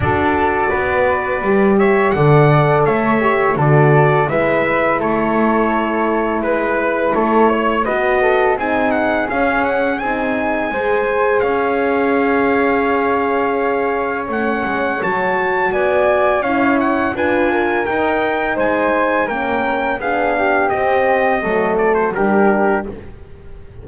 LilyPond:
<<
  \new Staff \with { instrumentName = "trumpet" } { \time 4/4 \tempo 4 = 84 d''2~ d''8 e''8 fis''4 | e''4 d''4 e''4 cis''4~ | cis''4 b'4 cis''4 dis''4 | gis''8 fis''8 f''8 fis''8 gis''2 |
f''1 | fis''4 a''4 gis''4 f''8 fis''8 | gis''4 g''4 gis''4 g''4 | f''4 dis''4. d''16 c''16 ais'4 | }
  \new Staff \with { instrumentName = "flute" } { \time 4/4 a'4 b'4. cis''8 d''4 | cis''4 a'4 b'4 a'4~ | a'4 b'4 a'8 cis''8 b'8 a'8 | gis'2. c''4 |
cis''1~ | cis''2 d''4 cis''4 | b'8 ais'4. c''4 ais'4 | gis'8 g'4. a'4 g'4 | }
  \new Staff \with { instrumentName = "horn" } { \time 4/4 fis'2 g'4 a'4~ | a'8 g'8 fis'4 e'2~ | e'2. fis'4 | dis'4 cis'4 dis'4 gis'4~ |
gis'1 | cis'4 fis'2 e'4 | f'4 dis'2 cis'4 | d'4 c'4 a4 d'4 | }
  \new Staff \with { instrumentName = "double bass" } { \time 4/4 d'4 b4 g4 d4 | a4 d4 gis4 a4~ | a4 gis4 a4 b4 | c'4 cis'4 c'4 gis4 |
cis'1 | a8 gis8 fis4 b4 cis'4 | d'4 dis'4 gis4 ais4 | b4 c'4 fis4 g4 | }
>>